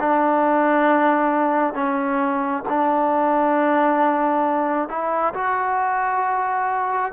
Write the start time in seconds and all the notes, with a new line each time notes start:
0.00 D4
1.74 C#4
2.69 D4
4.89 E4
5.34 F#4